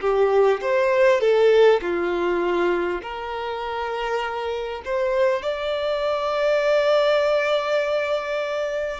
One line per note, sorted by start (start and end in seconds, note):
0.00 0.60 G4
0.61 1.20 C5
1.20 1.80 A4
1.81 3.01 F4
3.02 4.82 A#4
4.84 5.42 C5
5.42 9.00 D5